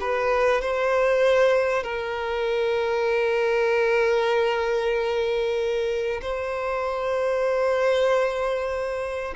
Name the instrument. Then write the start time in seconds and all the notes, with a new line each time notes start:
violin
0.00 B4
0.61 C5
1.83 A#4
6.21 C5